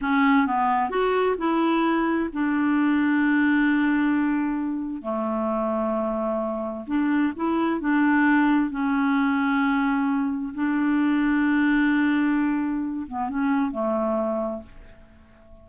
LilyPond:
\new Staff \with { instrumentName = "clarinet" } { \time 4/4 \tempo 4 = 131 cis'4 b4 fis'4 e'4~ | e'4 d'2.~ | d'2. a4~ | a2. d'4 |
e'4 d'2 cis'4~ | cis'2. d'4~ | d'1~ | d'8 b8 cis'4 a2 | }